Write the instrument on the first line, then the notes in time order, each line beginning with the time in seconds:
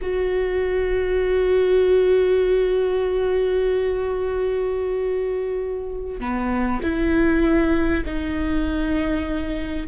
viola
0.01 F#4
6.20 B3
6.82 E4
8.05 D#4